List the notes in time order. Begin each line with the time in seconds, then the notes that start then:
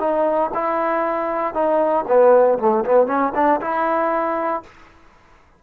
0.00 D#4
0.55 E4
1.55 D#4
2.08 B3
2.59 A3
2.85 B3
3.07 C#4
3.35 D4
3.61 E4